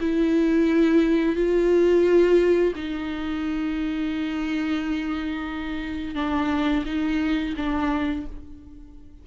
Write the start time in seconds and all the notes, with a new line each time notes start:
0.00 E4
1.35 F4
2.76 D#4
6.15 D4
6.85 D#4
7.57 D4